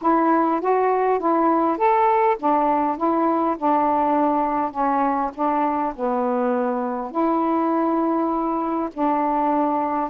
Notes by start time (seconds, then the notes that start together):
0.01 E4
0.60 F#4
1.19 E4
1.77 A4
2.39 D4
2.97 E4
3.58 D4
4.71 C#4
5.34 D4
5.95 B3
7.11 E4
8.93 D4